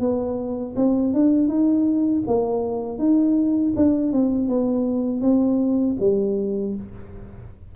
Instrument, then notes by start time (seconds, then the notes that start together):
tuba
0.00 B3
0.76 C4
1.14 D4
1.48 D#4
2.27 A#3
2.99 D#4
3.76 D4
4.13 C4
4.49 B3
5.22 C4
6.00 G3